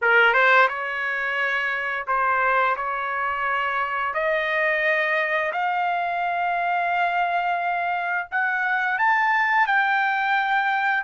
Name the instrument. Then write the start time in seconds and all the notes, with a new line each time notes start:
trumpet
0.01 A#4
0.33 C5
0.68 C#5
2.07 C5
2.76 C#5
4.13 D#5
5.52 F5
8.31 F#5
8.98 A5
9.66 G5